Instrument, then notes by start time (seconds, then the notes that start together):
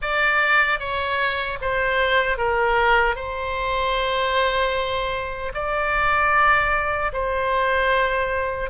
oboe
0.01 D5
0.79 C#5
1.61 C5
2.37 A#4
3.15 C5
5.54 D5
7.12 C5